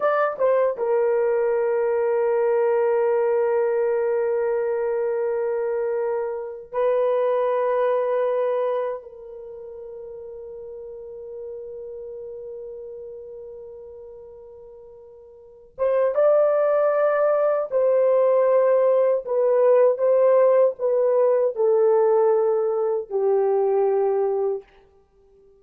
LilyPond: \new Staff \with { instrumentName = "horn" } { \time 4/4 \tempo 4 = 78 d''8 c''8 ais'2.~ | ais'1~ | ais'8. b'2. ais'16~ | ais'1~ |
ais'1~ | ais'8 c''8 d''2 c''4~ | c''4 b'4 c''4 b'4 | a'2 g'2 | }